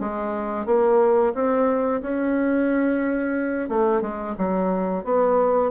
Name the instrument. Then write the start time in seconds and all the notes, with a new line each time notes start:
bassoon
0.00 G#3
0.66 A#3
1.34 C4
2.02 C#4
3.69 A3
4.01 G#3
4.38 F#3
5.04 B3